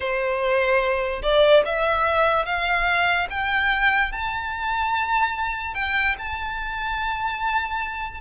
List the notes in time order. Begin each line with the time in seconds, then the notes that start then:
0.00 C5
1.22 D5
1.65 E5
2.45 F5
3.30 G5
4.12 A5
5.74 G5
6.18 A5